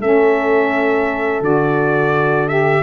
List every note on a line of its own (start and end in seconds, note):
0.00 1.42 A3
0.00 1.42 C#4
0.00 2.82 A4
0.00 1.43 E5
1.42 2.83 D3
1.42 2.49 F#4
1.42 2.49 D5
2.49 2.84 G4
2.49 2.84 E5